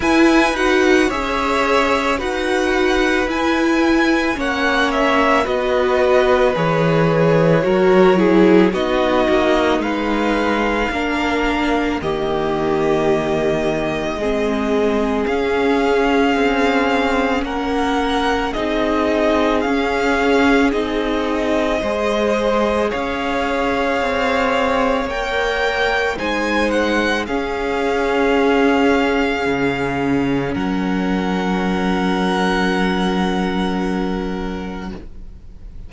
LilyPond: <<
  \new Staff \with { instrumentName = "violin" } { \time 4/4 \tempo 4 = 55 gis''8 fis''8 e''4 fis''4 gis''4 | fis''8 e''8 dis''4 cis''2 | dis''4 f''2 dis''4~ | dis''2 f''2 |
fis''4 dis''4 f''4 dis''4~ | dis''4 f''2 g''4 | gis''8 fis''8 f''2. | fis''1 | }
  \new Staff \with { instrumentName = "violin" } { \time 4/4 b'4 cis''4 b'2 | cis''4 b'2 ais'8 gis'8 | fis'4 b'4 ais'4 g'4~ | g'4 gis'2. |
ais'4 gis'2. | c''4 cis''2. | c''4 gis'2. | ais'1 | }
  \new Staff \with { instrumentName = "viola" } { \time 4/4 e'8 fis'8 gis'4 fis'4 e'4 | cis'4 fis'4 gis'4 fis'8 e'8 | dis'2 d'4 ais4~ | ais4 c'4 cis'2~ |
cis'4 dis'4 cis'4 dis'4 | gis'2. ais'4 | dis'4 cis'2.~ | cis'1 | }
  \new Staff \with { instrumentName = "cello" } { \time 4/4 e'8 dis'8 cis'4 dis'4 e'4 | ais4 b4 e4 fis4 | b8 ais8 gis4 ais4 dis4~ | dis4 gis4 cis'4 c'4 |
ais4 c'4 cis'4 c'4 | gis4 cis'4 c'4 ais4 | gis4 cis'2 cis4 | fis1 | }
>>